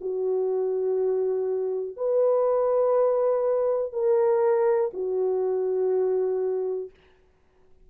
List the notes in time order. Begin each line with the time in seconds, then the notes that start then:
0.00 F#4
1.96 B4
3.92 A#4
4.93 F#4